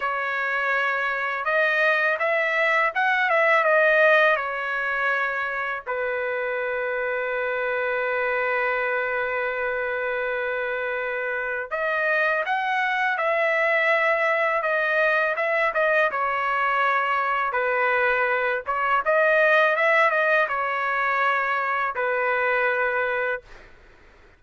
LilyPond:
\new Staff \with { instrumentName = "trumpet" } { \time 4/4 \tempo 4 = 82 cis''2 dis''4 e''4 | fis''8 e''8 dis''4 cis''2 | b'1~ | b'1 |
dis''4 fis''4 e''2 | dis''4 e''8 dis''8 cis''2 | b'4. cis''8 dis''4 e''8 dis''8 | cis''2 b'2 | }